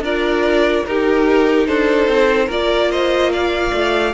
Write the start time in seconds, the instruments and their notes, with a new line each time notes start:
0.00 cello D4, viola F4, violin A#4 D5
0.85 cello D#4, viola D#4, violin G4 A#4
1.66 cello D4, violin A4 C5
2.07 cello C4
2.46 cello A#3, viola F4, violin A#4 D5
2.90 violin C5 D#5
3.32 violin D5 F5
3.72 cello A3